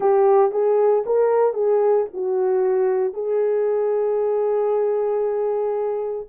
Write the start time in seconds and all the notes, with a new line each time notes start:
0.00 G4
0.51 G#4
1.06 A#4
1.53 G#4
2.13 F#4
3.13 G#4